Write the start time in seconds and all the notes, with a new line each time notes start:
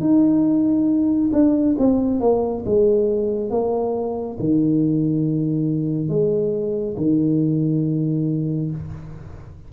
0.00 D#4
1.32 D4
1.78 C4
2.20 A#3
2.65 G#3
3.50 A#3
4.40 D#3
6.09 G#3
6.97 D#3